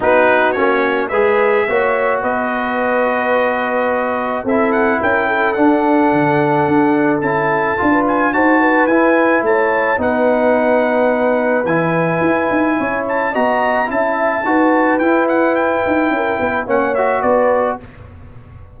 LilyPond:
<<
  \new Staff \with { instrumentName = "trumpet" } { \time 4/4 \tempo 4 = 108 b'4 cis''4 e''2 | dis''1 | e''8 fis''8 g''4 fis''2~ | fis''4 a''4. gis''8 a''4 |
gis''4 a''4 fis''2~ | fis''4 gis''2~ gis''8 a''8 | ais''4 a''2 g''8 fis''8 | g''2 fis''8 e''8 d''4 | }
  \new Staff \with { instrumentName = "horn" } { \time 4/4 fis'2 b'4 cis''4 | b'1 | a'4 ais'8 a'2~ a'8~ | a'2~ a'16 b'8. c''8 b'8~ |
b'4 cis''4 b'2~ | b'2. cis''4 | dis''4 e''4 b'2~ | b'4 ais'8 b'8 cis''4 b'4 | }
  \new Staff \with { instrumentName = "trombone" } { \time 4/4 dis'4 cis'4 gis'4 fis'4~ | fis'1 | e'2 d'2~ | d'4 e'4 f'4 fis'4 |
e'2 dis'2~ | dis'4 e'2. | fis'4 e'4 fis'4 e'4~ | e'2 cis'8 fis'4. | }
  \new Staff \with { instrumentName = "tuba" } { \time 4/4 b4 ais4 gis4 ais4 | b1 | c'4 cis'4 d'4 d4 | d'4 cis'4 d'4 dis'4 |
e'4 a4 b2~ | b4 e4 e'8 dis'8 cis'4 | b4 cis'4 dis'4 e'4~ | e'8 dis'8 cis'8 b8 ais4 b4 | }
>>